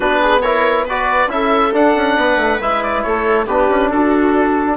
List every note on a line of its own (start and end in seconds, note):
0.00 1.27 B3
0.00 0.40 D4
0.00 0.19 F#4
0.00 0.41 B4
0.21 0.42 G#4
0.41 0.87 E4
0.41 0.85 A#4
0.41 0.84 C#5
0.85 1.28 F#4
0.85 1.28 B4
0.85 1.30 D5
1.27 1.70 C#4
1.27 1.72 E4
1.27 2.17 A4
1.27 1.73 E5
1.72 2.59 D4
1.72 1.94 D4
1.72 2.61 F#5
1.95 2.17 C#4
2.17 2.36 B3
2.17 3.04 B4
2.36 2.58 A3
2.60 3.04 G#3
2.60 3.46 E4
2.60 2.83 E5
2.83 3.02 D5
3.02 3.46 A3
3.02 3.46 A4
3.02 3.46 C#5
3.46 3.68 B3
3.46 4.77 D4
3.46 3.90 G4
3.46 3.90 B4
3.68 3.90 C#4
3.90 4.77 D4
3.90 4.77 F#4
3.90 4.77 A4